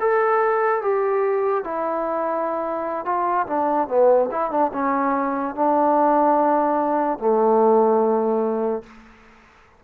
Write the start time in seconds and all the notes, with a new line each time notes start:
0.00 A4
0.82 G4
1.64 E4
3.06 F4
3.47 D4
3.88 B3
4.32 E4
4.51 D4
4.74 C#4
5.56 D4
7.19 A3